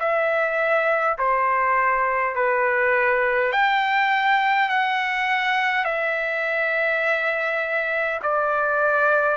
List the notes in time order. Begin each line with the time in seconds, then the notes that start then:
0.00 E5
1.18 C5
2.35 B4
3.52 G5
4.69 F#5
5.84 E5
8.22 D5